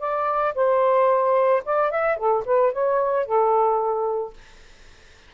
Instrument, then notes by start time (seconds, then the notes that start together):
saxophone
0.00 D5
0.55 C5
1.66 D5
1.91 E5
2.17 A4
2.46 B4
2.73 C#5
3.26 A4